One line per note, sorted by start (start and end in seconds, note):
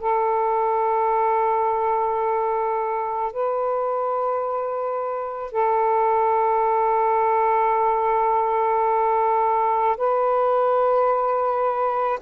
0.00 3.33 A4
3.33 5.53 B4
5.53 9.97 A4
9.97 12.20 B4